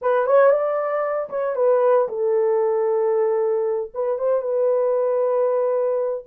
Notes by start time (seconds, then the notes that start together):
0.01 B4
0.26 C#5
0.51 D5
1.29 C#5
1.55 B4
2.08 A4
3.94 B4
4.18 C5
4.41 B4